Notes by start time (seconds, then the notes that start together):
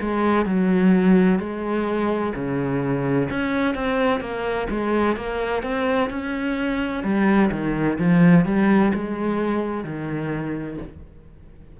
0.00 G#3
0.46 F#3
1.39 G#3
2.35 C#3
3.30 C#4
3.75 C4
4.20 A#3
4.70 G#3
5.16 A#3
5.62 C4
6.09 C#4
7.03 G3
7.51 D#3
7.98 F3
8.45 G3
8.94 G#3
9.84 D#3